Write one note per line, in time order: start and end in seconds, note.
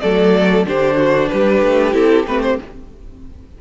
0.00 0.65 F#3
0.00 0.66 A3
0.00 0.66 A4
0.00 0.65 D5
0.65 1.30 D3
0.65 1.92 D4
0.65 0.97 G4
0.65 1.29 C5
0.97 1.29 F#4
1.29 1.62 G3
1.29 2.61 G4
1.29 1.93 B4
1.62 1.94 A3
1.92 2.26 C4
1.92 2.25 E4
1.92 2.26 A4
2.26 2.58 A3
2.26 2.60 C4
2.26 2.42 B4
2.42 2.58 C5